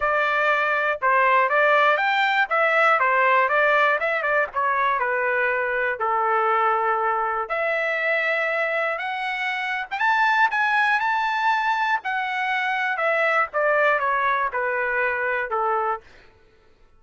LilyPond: \new Staff \with { instrumentName = "trumpet" } { \time 4/4 \tempo 4 = 120 d''2 c''4 d''4 | g''4 e''4 c''4 d''4 | e''8 d''8 cis''4 b'2 | a'2. e''4~ |
e''2 fis''4.~ fis''16 g''16 | a''4 gis''4 a''2 | fis''2 e''4 d''4 | cis''4 b'2 a'4 | }